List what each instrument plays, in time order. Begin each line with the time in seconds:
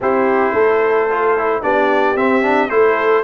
0.00 tuba C4, trombone E4, horn G4, trumpet C5
0.53 tuba A3, horn A4
1.11 trombone F4
1.37 trombone E4
1.62 tuba B3, trombone D4, horn G4, trumpet D5
2.15 tuba C4, trombone C4, trumpet E5
2.42 trombone D4
2.69 tuba A3, trombone E4, horn A4, trumpet C5